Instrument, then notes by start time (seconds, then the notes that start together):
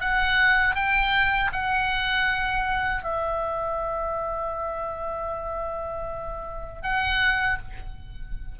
oboe
0.00 F#5
0.75 G5
1.52 F#5
3.03 E5
6.82 F#5